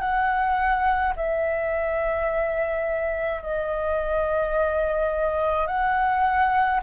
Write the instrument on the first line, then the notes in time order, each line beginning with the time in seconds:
flute
0.00 F#5
1.16 E5
3.42 D#5
5.67 F#5